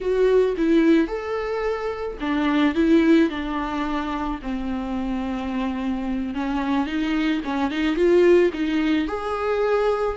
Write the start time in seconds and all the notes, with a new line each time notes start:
0.00 F#4
0.57 E4
1.07 A4
2.20 D4
2.74 E4
3.29 D4
4.42 C4
6.34 C#4
6.86 D#4
7.44 C#4
7.70 D#4
7.95 F4
8.53 D#4
9.07 G#4